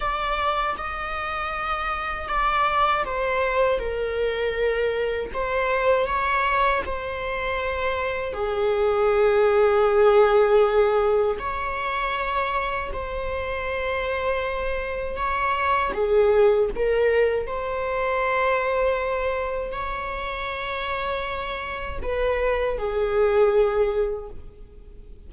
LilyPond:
\new Staff \with { instrumentName = "viola" } { \time 4/4 \tempo 4 = 79 d''4 dis''2 d''4 | c''4 ais'2 c''4 | cis''4 c''2 gis'4~ | gis'2. cis''4~ |
cis''4 c''2. | cis''4 gis'4 ais'4 c''4~ | c''2 cis''2~ | cis''4 b'4 gis'2 | }